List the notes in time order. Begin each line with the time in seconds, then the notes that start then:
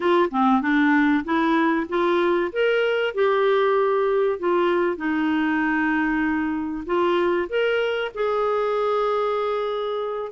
0.00 F4
0.31 C4
0.61 D4
1.24 E4
1.89 F4
2.52 A#4
3.14 G4
4.39 F4
4.97 D#4
6.86 F4
7.49 A#4
8.14 G#4